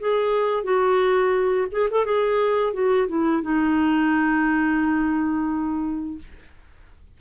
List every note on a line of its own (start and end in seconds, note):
0.00 0.64 G#4
0.64 1.67 F#4
1.72 1.89 G#4
1.91 2.05 A4
2.05 2.73 G#4
2.73 3.08 F#4
3.08 3.43 E4
3.43 6.18 D#4